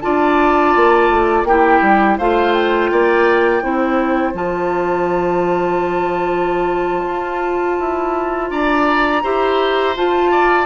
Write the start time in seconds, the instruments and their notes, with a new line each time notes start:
0.00 bassoon D4, clarinet F4, oboe D5, flute A5
0.76 bassoon A#3
1.10 bassoon A3
1.44 bassoon A#3, clarinet E4, oboe G4, flute G5
1.81 bassoon G3
2.18 bassoon A3, clarinet F4, oboe C5, flute F5
2.53 flute G5
2.91 bassoon A#3, oboe D5
3.61 bassoon C4, clarinet E4, oboe C5
4.33 bassoon F3, clarinet F4, flute A5
7.06 bassoon F4
7.79 bassoon E4
8.50 bassoon D4, oboe D5, flute A#5
9.23 bassoon E4, clarinet G4, oboe C5
9.96 clarinet F4, bassoon F4, flute A5
10.31 oboe D5